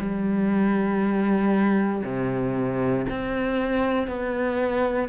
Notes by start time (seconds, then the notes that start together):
0.00 G3
2.04 C3
3.10 C4
4.08 B3